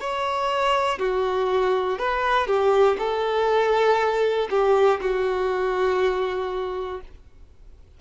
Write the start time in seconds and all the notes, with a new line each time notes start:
0.00 C#5
0.99 F#4
1.98 B4
2.46 G4
2.99 A4
4.50 G4
5.00 F#4